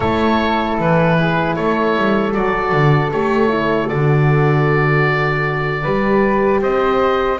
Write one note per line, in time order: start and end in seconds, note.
0.00 0.78 A3
0.00 2.32 E4
0.00 1.17 A4
0.00 0.77 C#5
0.78 1.56 E3
0.78 1.55 B4
1.19 1.54 G#4
1.54 1.96 A3
1.54 5.82 A4
1.54 2.33 C#5
1.96 2.35 G3
2.32 2.72 F#3
2.32 3.10 F#4
2.32 3.11 D5
2.72 3.11 D3
3.11 3.91 A3
3.11 3.48 G4
3.11 3.88 C#5
3.48 3.87 E4
3.87 5.85 D3
3.87 5.82 F#4
3.87 6.61 D5
5.82 6.61 G3
5.82 7.39 G4
5.82 6.60 B4
6.61 7.39 C4
6.61 7.39 C5
6.61 7.39 D#5